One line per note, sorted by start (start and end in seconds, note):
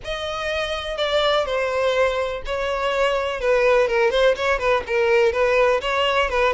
0.04 0.97 D#5
0.97 1.45 D5
1.45 2.42 C5
2.45 3.40 C#5
3.40 3.87 B4
3.87 4.11 A#4
4.11 4.35 C5
4.36 4.59 C#5
4.59 4.83 B4
4.87 5.32 A#4
5.32 5.81 B4
5.81 6.29 C#5
6.29 6.53 B4